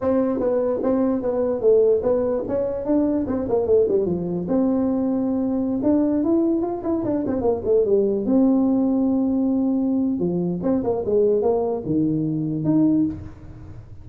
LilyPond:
\new Staff \with { instrumentName = "tuba" } { \time 4/4 \tempo 4 = 147 c'4 b4 c'4 b4 | a4 b4 cis'4 d'4 | c'8 ais8 a8 g8 f4 c'4~ | c'2~ c'16 d'4 e'8.~ |
e'16 f'8 e'8 d'8 c'8 ais8 a8 g8.~ | g16 c'2.~ c'8.~ | c'4 f4 c'8 ais8 gis4 | ais4 dis2 dis'4 | }